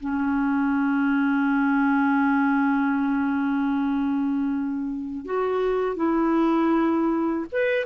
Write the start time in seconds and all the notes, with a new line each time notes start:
0.00 C#4
5.25 F#4
5.96 E4
7.52 B4